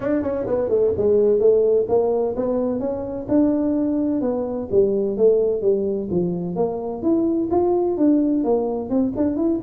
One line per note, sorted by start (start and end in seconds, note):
0.00 0.22 D4
0.22 0.46 C#4
0.46 0.69 B3
0.69 0.92 A3
0.97 1.39 G#3
1.39 1.86 A3
1.88 2.35 A#3
2.36 2.79 B3
2.79 3.26 C#4
3.28 4.21 D4
4.21 4.68 B3
4.71 5.17 G3
5.17 5.61 A3
5.61 6.08 G3
6.10 6.55 F3
6.55 7.02 A#3
7.02 7.49 E4
7.51 7.97 F4
7.97 8.44 D4
8.44 8.89 A#3
8.89 9.13 C4
9.16 9.36 D4
9.36 9.60 E4